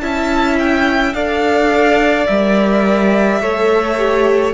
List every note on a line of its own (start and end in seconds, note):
0.00 1.14 C#4
0.00 1.14 E4
0.00 1.15 E5
0.00 0.57 A5
0.58 1.13 G5
1.13 2.27 D4
1.13 2.28 A4
1.13 3.42 D5
1.13 2.26 F5
2.26 3.41 G3
2.26 3.42 A#4
2.26 4.53 E5
3.41 4.54 A3
3.41 3.97 A4
3.41 4.54 C#5
3.97 4.54 G4